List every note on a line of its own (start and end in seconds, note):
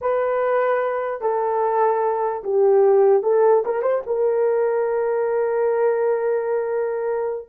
0.01 1.21 B4
1.21 2.42 A4
2.43 3.22 G4
3.22 3.63 A4
3.65 3.81 A#4
3.81 4.02 C5
4.06 7.48 A#4